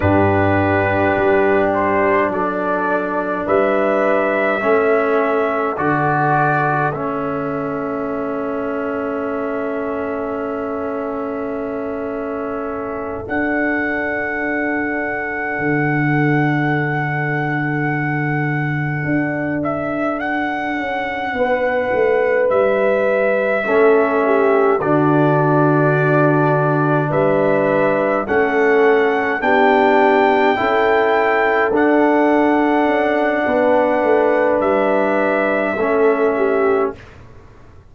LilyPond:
<<
  \new Staff \with { instrumentName = "trumpet" } { \time 4/4 \tempo 4 = 52 b'4. c''8 d''4 e''4~ | e''4 d''4 e''2~ | e''2.~ e''8 fis''8~ | fis''1~ |
fis''4 e''8 fis''2 e''8~ | e''4. d''2 e''8~ | e''8 fis''4 g''2 fis''8~ | fis''2 e''2 | }
  \new Staff \with { instrumentName = "horn" } { \time 4/4 g'2 a'4 b'4 | a'1~ | a'1~ | a'1~ |
a'2~ a'8 b'4.~ | b'8 a'8 g'8 fis'2 b'8~ | b'8 a'4 g'4 a'4.~ | a'4 b'2 a'8 g'8 | }
  \new Staff \with { instrumentName = "trombone" } { \time 4/4 d'1 | cis'4 fis'4 cis'2~ | cis'2.~ cis'8 d'8~ | d'1~ |
d'1~ | d'8 cis'4 d'2~ d'8~ | d'8 cis'4 d'4 e'4 d'8~ | d'2. cis'4 | }
  \new Staff \with { instrumentName = "tuba" } { \time 4/4 g,4 g4 fis4 g4 | a4 d4 a2~ | a2.~ a8 d'8~ | d'4. d2~ d8~ |
d8 d'4. cis'8 b8 a8 g8~ | g8 a4 d2 g8~ | g8 a4 b4 cis'4 d'8~ | d'8 cis'8 b8 a8 g4 a4 | }
>>